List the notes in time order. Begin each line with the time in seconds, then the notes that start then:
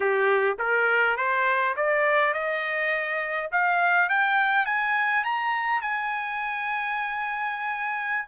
0.00 G4
0.59 A#4
1.17 C5
1.76 D5
2.33 D#5
3.51 F5
4.09 G5
4.65 G#5
5.24 A#5
5.81 G#5